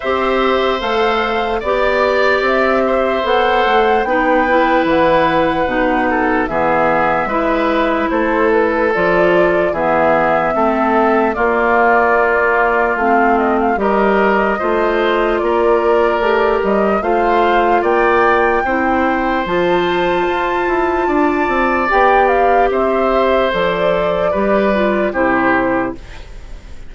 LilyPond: <<
  \new Staff \with { instrumentName = "flute" } { \time 4/4 \tempo 4 = 74 e''4 f''4 d''4 e''4 | fis''4 g''4 fis''2 | e''2 c''8 b'8 d''4 | e''2 d''2 |
f''8 dis''16 f''16 dis''2 d''4~ | d''8 dis''8 f''4 g''2 | a''2. g''8 f''8 | e''4 d''2 c''4 | }
  \new Staff \with { instrumentName = "oboe" } { \time 4/4 c''2 d''4. c''8~ | c''4 b'2~ b'8 a'8 | gis'4 b'4 a'2 | gis'4 a'4 f'2~ |
f'4 ais'4 c''4 ais'4~ | ais'4 c''4 d''4 c''4~ | c''2 d''2 | c''2 b'4 g'4 | }
  \new Staff \with { instrumentName = "clarinet" } { \time 4/4 g'4 a'4 g'2 | a'4 dis'8 e'4. dis'4 | b4 e'2 f'4 | b4 c'4 ais2 |
c'4 g'4 f'2 | g'4 f'2 e'4 | f'2. g'4~ | g'4 a'4 g'8 f'8 e'4 | }
  \new Staff \with { instrumentName = "bassoon" } { \time 4/4 c'4 a4 b4 c'4 | b8 a8 b4 e4 b,4 | e4 gis4 a4 f4 | e4 a4 ais2 |
a4 g4 a4 ais4 | a8 g8 a4 ais4 c'4 | f4 f'8 e'8 d'8 c'8 b4 | c'4 f4 g4 c4 | }
>>